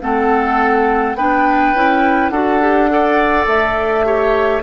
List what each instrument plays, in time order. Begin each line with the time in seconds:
0.00 bassoon A3, clarinet C4, oboe A4, flute F#5
1.15 bassoon B3, clarinet D4, oboe B4, flute G5
1.75 bassoon C#4, clarinet E4
2.29 bassoon D4, clarinet F#4, oboe A4, flute F#5
2.60 clarinet G4
2.89 clarinet A4, oboe D5
3.46 bassoon A3, flute E5
4.04 clarinet G4, oboe C#5